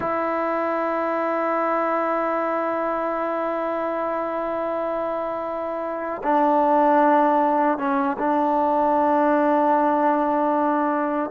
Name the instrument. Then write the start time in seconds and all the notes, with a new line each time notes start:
trombone
0.00 E4
6.23 D4
7.77 C#4
8.18 D4